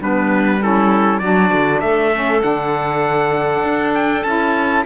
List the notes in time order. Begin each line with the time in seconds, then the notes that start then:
0.00 G3 B3 D4 B4
0.61 C#4 E4 A4
1.19 F#3 D4 F#4 D5
1.52 D3
1.80 A3 A4 E5
2.14 C#4
2.41 D3 D4 F#5
3.63 D4
3.95 G5
4.24 C#4 E4 A5